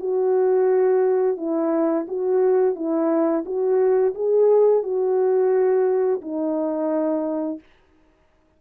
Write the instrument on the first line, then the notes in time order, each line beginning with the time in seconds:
horn
0.00 F#4
1.37 E4
2.08 F#4
2.76 E4
3.45 F#4
4.14 G#4
4.83 F#4
6.21 D#4